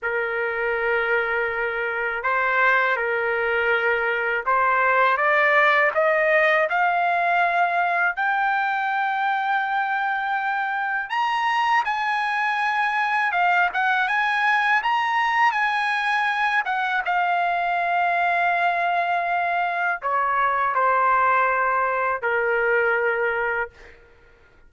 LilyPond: \new Staff \with { instrumentName = "trumpet" } { \time 4/4 \tempo 4 = 81 ais'2. c''4 | ais'2 c''4 d''4 | dis''4 f''2 g''4~ | g''2. ais''4 |
gis''2 f''8 fis''8 gis''4 | ais''4 gis''4. fis''8 f''4~ | f''2. cis''4 | c''2 ais'2 | }